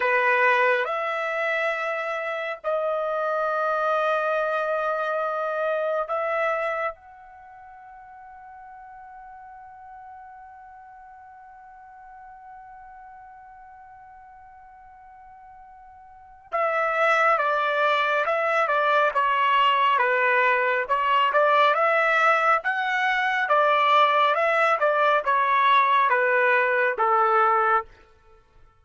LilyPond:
\new Staff \with { instrumentName = "trumpet" } { \time 4/4 \tempo 4 = 69 b'4 e''2 dis''4~ | dis''2. e''4 | fis''1~ | fis''1~ |
fis''2. e''4 | d''4 e''8 d''8 cis''4 b'4 | cis''8 d''8 e''4 fis''4 d''4 | e''8 d''8 cis''4 b'4 a'4 | }